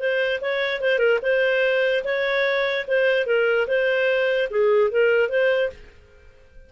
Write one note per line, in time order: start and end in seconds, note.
0.00 0.41 C5
0.42 0.81 C#5
0.81 0.99 C5
0.99 1.19 A#4
1.23 2.04 C5
2.04 2.86 C#5
2.88 3.27 C5
3.27 3.67 A#4
3.68 4.50 C5
4.51 4.91 G#4
4.91 5.29 A#4
5.29 5.70 C5